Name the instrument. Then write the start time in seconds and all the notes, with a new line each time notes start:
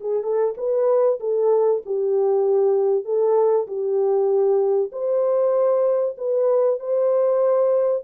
horn
0.00 G#4
0.23 A4
0.57 B4
1.20 A4
1.86 G4
3.04 A4
3.67 G4
4.92 C5
6.17 B4
6.79 C5